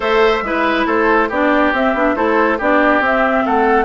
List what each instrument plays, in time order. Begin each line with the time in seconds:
0.00 bassoon A3, clarinet A4, oboe C5, flute E5
0.41 bassoon G#3, clarinet E4, oboe B4
0.86 bassoon A3, oboe A4, flute C5
1.28 bassoon B3, clarinet D4, oboe G4, flute D5
1.73 bassoon C4, clarinet C4, flute E5
1.94 bassoon B3, clarinet D4
2.15 bassoon A3, clarinet E4, oboe A4, flute C5
2.58 bassoon B3, clarinet D4, oboe G4, flute D5
3.00 bassoon C4, clarinet C4, flute E5
3.45 bassoon A3, oboe A4, flute F#5